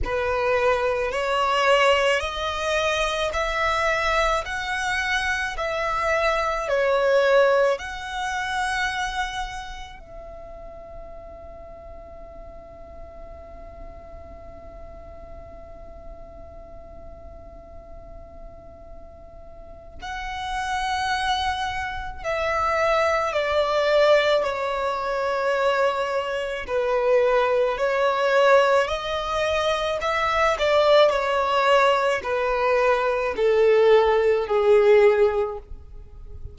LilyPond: \new Staff \with { instrumentName = "violin" } { \time 4/4 \tempo 4 = 54 b'4 cis''4 dis''4 e''4 | fis''4 e''4 cis''4 fis''4~ | fis''4 e''2.~ | e''1~ |
e''2 fis''2 | e''4 d''4 cis''2 | b'4 cis''4 dis''4 e''8 d''8 | cis''4 b'4 a'4 gis'4 | }